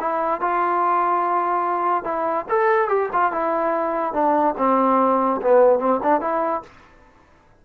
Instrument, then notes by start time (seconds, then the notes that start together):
trombone
0.00 E4
0.41 F4
2.04 E4
2.49 A4
2.88 G4
3.13 F4
3.32 E4
4.13 D4
4.57 C4
5.42 B3
5.79 C4
6.03 D4
6.21 E4